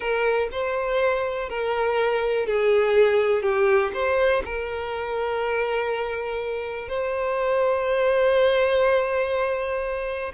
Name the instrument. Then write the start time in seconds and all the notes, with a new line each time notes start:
violin
0.00 A#4
0.51 C5
1.49 A#4
2.46 G#4
3.42 G4
3.93 C5
4.44 A#4
6.88 C5